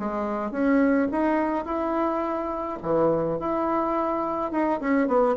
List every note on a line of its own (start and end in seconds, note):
0.00 0.52 G#3
0.52 1.08 C#4
1.12 1.66 D#4
1.66 2.79 E4
2.83 3.40 E3
3.40 4.52 E4
4.52 4.80 D#4
4.81 5.08 C#4
5.08 5.36 B3